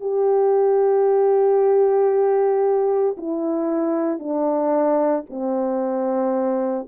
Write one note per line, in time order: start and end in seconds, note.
0.00 3.16 G4
3.17 4.19 E4
4.19 5.24 D4
5.29 6.87 C4